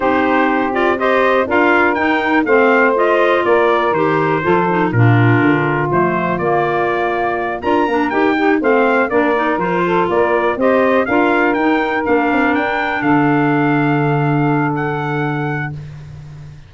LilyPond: <<
  \new Staff \with { instrumentName = "trumpet" } { \time 4/4 \tempo 4 = 122 c''4. d''8 dis''4 f''4 | g''4 f''4 dis''4 d''4 | c''2 ais'2 | c''4 d''2~ d''8 ais''8~ |
ais''8 g''4 f''4 d''4 c''8~ | c''8 d''4 dis''4 f''4 g''8~ | g''8 f''4 g''4 f''4.~ | f''2 fis''2 | }
  \new Staff \with { instrumentName = "saxophone" } { \time 4/4 g'2 c''4 ais'4~ | ais'4 c''2 ais'4~ | ais'4 a'4 f'2~ | f'2.~ f'8 ais'8~ |
ais'4 g'8 c''4 ais'4. | a'8 ais'4 c''4 ais'4.~ | ais'2~ ais'8 a'4.~ | a'1 | }
  \new Staff \with { instrumentName = "clarinet" } { \time 4/4 dis'4. f'8 g'4 f'4 | dis'4 c'4 f'2 | g'4 f'8 dis'8 d'2 | a4 ais2~ ais8 f'8 |
d'8 g'8 dis'8 c'4 d'8 dis'8 f'8~ | f'4. g'4 f'4 dis'8~ | dis'8 d'2.~ d'8~ | d'1 | }
  \new Staff \with { instrumentName = "tuba" } { \time 4/4 c'2. d'4 | dis'4 a2 ais4 | dis4 f4 ais,4 d4 | f4 ais2~ ais8 d'8 |
ais8 dis'4 a4 ais4 f8~ | f8 ais4 c'4 d'4 dis'8~ | dis'8 ais8 c'8 d'4 d4.~ | d1 | }
>>